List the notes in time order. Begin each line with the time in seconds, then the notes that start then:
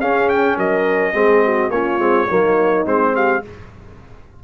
0.00 C#4 G#4 F5
0.29 G5
0.57 F#3 A#4 D#5
1.13 G#3 C4 G#4
1.44 F#4
1.70 A#3 C#4 F4 C#5
1.99 G#3 C4
2.28 F#3 A#3 D#4
2.85 G#3 C4 C5
3.14 G4 F5